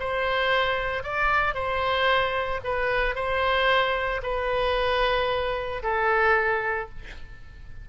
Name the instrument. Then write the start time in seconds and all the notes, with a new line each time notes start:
oboe
0.00 C5
1.04 D5
1.54 C5
2.64 B4
3.15 C5
4.23 B4
5.83 A4